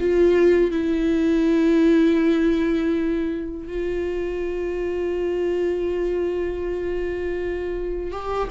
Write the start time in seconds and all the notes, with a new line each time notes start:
0.00 F4
0.71 E4
3.68 F4
8.11 G4